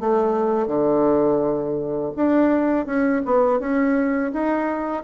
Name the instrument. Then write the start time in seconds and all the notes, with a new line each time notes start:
bassoon
0.00 A3
0.67 D3
2.16 D4
2.86 C#4
3.25 B3
3.60 C#4
4.33 D#4